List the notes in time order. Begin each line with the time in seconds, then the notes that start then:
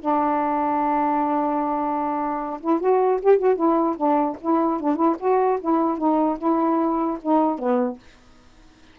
0.00 D4
2.60 E4
2.80 F#4
3.22 G4
3.38 F#4
3.56 E4
3.96 D4
4.41 E4
4.80 D4
4.95 E4
5.19 F#4
5.60 E4
5.97 D#4
6.38 E4
7.22 D#4
7.58 B3